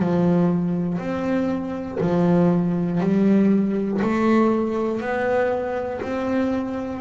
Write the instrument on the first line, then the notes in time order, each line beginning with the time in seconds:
double bass
0.00 F3
0.99 C4
2.01 F3
3.01 G3
4.02 A3
5.01 B3
6.02 C4